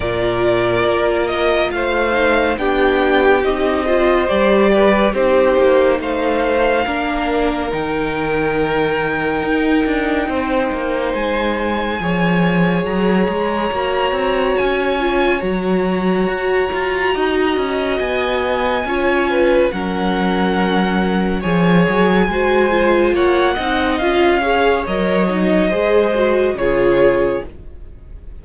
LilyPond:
<<
  \new Staff \with { instrumentName = "violin" } { \time 4/4 \tempo 4 = 70 d''4. dis''8 f''4 g''4 | dis''4 d''4 c''4 f''4~ | f''4 g''2.~ | g''4 gis''2 ais''4~ |
ais''4 gis''4 ais''2~ | ais''4 gis''2 fis''4~ | fis''4 gis''2 fis''4 | f''4 dis''2 cis''4 | }
  \new Staff \with { instrumentName = "violin" } { \time 4/4 ais'2 c''4 g'4~ | g'8 c''4 b'8 g'4 c''4 | ais'1 | c''2 cis''2~ |
cis''1 | dis''2 cis''8 b'8 ais'4~ | ais'4 cis''4 c''4 cis''8 dis''8~ | dis''8 cis''4. c''4 gis'4 | }
  \new Staff \with { instrumentName = "viola" } { \time 4/4 f'2~ f'8 dis'8 d'4 | dis'8 f'8 g'4 dis'2 | d'4 dis'2.~ | dis'2 gis'2 |
fis'4. f'8 fis'2~ | fis'2 f'4 cis'4~ | cis'4 gis'4 fis'8 f'4 dis'8 | f'8 gis'8 ais'8 dis'8 gis'8 fis'8 f'4 | }
  \new Staff \with { instrumentName = "cello" } { \time 4/4 ais,4 ais4 a4 b4 | c'4 g4 c'8 ais8 a4 | ais4 dis2 dis'8 d'8 | c'8 ais8 gis4 f4 fis8 gis8 |
ais8 c'8 cis'4 fis4 fis'8 f'8 | dis'8 cis'8 b4 cis'4 fis4~ | fis4 f8 fis8 gis4 ais8 c'8 | cis'4 fis4 gis4 cis4 | }
>>